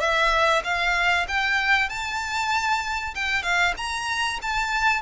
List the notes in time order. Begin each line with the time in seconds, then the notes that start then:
0.00 E5
0.64 F5
1.28 G5
1.89 A5
3.15 G5
3.43 F5
3.77 A#5
4.42 A5